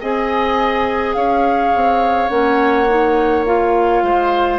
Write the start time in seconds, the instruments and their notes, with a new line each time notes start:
0.00 bassoon C4, clarinet G#4, oboe D#5, flute G#5
1.13 bassoon C#4, oboe C#5, flute F5
1.75 bassoon C4
2.29 bassoon A#3, clarinet C#4, flute F#5
2.88 clarinet D#4
3.45 clarinet F4, flute F5
4.02 bassoon G#3, oboe C5